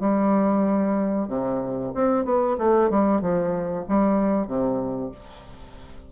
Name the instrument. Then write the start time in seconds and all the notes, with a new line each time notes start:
bassoon
0.00 G3
1.28 C3
1.94 C4
2.25 B3
2.58 A3
2.90 G3
3.21 F3
3.88 G3
4.47 C3